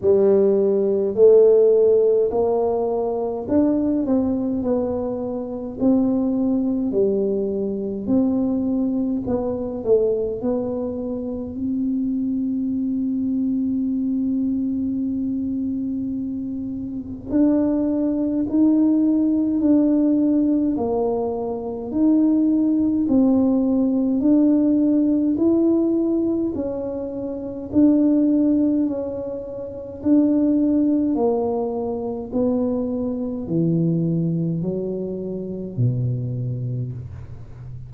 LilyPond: \new Staff \with { instrumentName = "tuba" } { \time 4/4 \tempo 4 = 52 g4 a4 ais4 d'8 c'8 | b4 c'4 g4 c'4 | b8 a8 b4 c'2~ | c'2. d'4 |
dis'4 d'4 ais4 dis'4 | c'4 d'4 e'4 cis'4 | d'4 cis'4 d'4 ais4 | b4 e4 fis4 b,4 | }